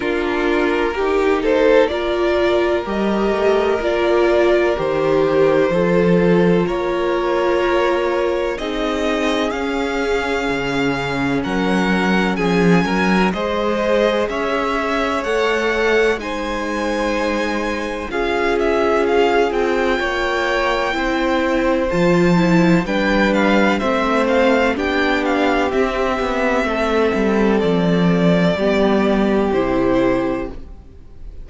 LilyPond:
<<
  \new Staff \with { instrumentName = "violin" } { \time 4/4 \tempo 4 = 63 ais'4. c''8 d''4 dis''4 | d''4 c''2 cis''4~ | cis''4 dis''4 f''2 | fis''4 gis''4 dis''4 e''4 |
fis''4 gis''2 f''8 e''8 | f''8 g''2~ g''8 a''4 | g''8 f''8 e''8 f''8 g''8 f''8 e''4~ | e''4 d''2 c''4 | }
  \new Staff \with { instrumentName = "violin" } { \time 4/4 f'4 g'8 a'8 ais'2~ | ais'2 a'4 ais'4~ | ais'4 gis'2. | ais'4 gis'8 ais'8 c''4 cis''4~ |
cis''4 c''2 gis'4~ | gis'4 cis''4 c''2 | b'4 c''4 g'2 | a'2 g'2 | }
  \new Staff \with { instrumentName = "viola" } { \time 4/4 d'4 dis'4 f'4 g'4 | f'4 g'4 f'2~ | f'4 dis'4 cis'2~ | cis'2 gis'2 |
a'4 dis'2 f'4~ | f'2 e'4 f'8 e'8 | d'4 c'4 d'4 c'4~ | c'2 b4 e'4 | }
  \new Staff \with { instrumentName = "cello" } { \time 4/4 ais2. g8 a8 | ais4 dis4 f4 ais4~ | ais4 c'4 cis'4 cis4 | fis4 f8 fis8 gis4 cis'4 |
a4 gis2 cis'4~ | cis'8 c'8 ais4 c'4 f4 | g4 a4 b4 c'8 b8 | a8 g8 f4 g4 c4 | }
>>